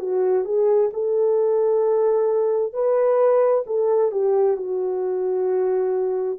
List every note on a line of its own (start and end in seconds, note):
0.00 0.45 F#4
0.45 0.90 G#4
0.93 2.74 A4
2.74 3.64 B4
3.67 4.12 A4
4.12 4.57 G4
4.57 6.39 F#4